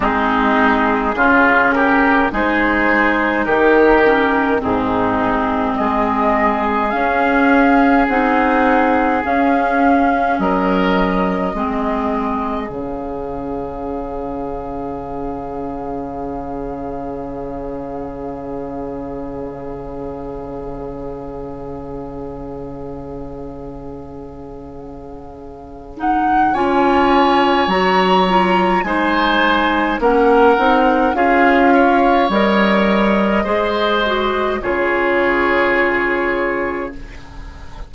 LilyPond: <<
  \new Staff \with { instrumentName = "flute" } { \time 4/4 \tempo 4 = 52 gis'4. ais'8 c''4 ais'4 | gis'4 dis''4 f''4 fis''4 | f''4 dis''2 f''4~ | f''1~ |
f''1~ | f''2~ f''8 fis''8 gis''4 | ais''4 gis''4 fis''4 f''4 | dis''2 cis''2 | }
  \new Staff \with { instrumentName = "oboe" } { \time 4/4 dis'4 f'8 g'8 gis'4 g'4 | dis'4 gis'2.~ | gis'4 ais'4 gis'2~ | gis'1~ |
gis'1~ | gis'2. cis''4~ | cis''4 c''4 ais'4 gis'8 cis''8~ | cis''4 c''4 gis'2 | }
  \new Staff \with { instrumentName = "clarinet" } { \time 4/4 c'4 cis'4 dis'4. cis'8 | c'2 cis'4 dis'4 | cis'2 c'4 cis'4~ | cis'1~ |
cis'1~ | cis'2~ cis'8 dis'8 f'4 | fis'8 f'8 dis'4 cis'8 dis'8 f'4 | ais'4 gis'8 fis'8 f'2 | }
  \new Staff \with { instrumentName = "bassoon" } { \time 4/4 gis4 cis4 gis4 dis4 | gis,4 gis4 cis'4 c'4 | cis'4 fis4 gis4 cis4~ | cis1~ |
cis1~ | cis2. cis'4 | fis4 gis4 ais8 c'8 cis'4 | g4 gis4 cis2 | }
>>